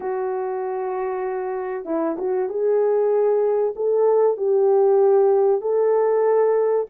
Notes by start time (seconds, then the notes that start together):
0.00 F#4
1.85 E4
2.18 F#4
2.49 G#4
3.75 A4
4.37 G4
5.61 A4